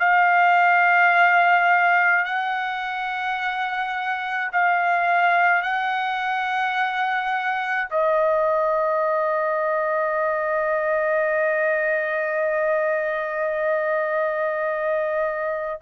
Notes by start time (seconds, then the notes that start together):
0.00 F5
2.25 F#5
4.53 F5
5.62 F#5
7.91 D#5